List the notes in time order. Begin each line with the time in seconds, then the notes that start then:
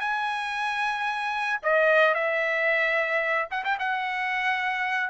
0.00 G#5
1.63 D#5
2.15 E5
3.51 F#5
3.65 G5
3.79 F#5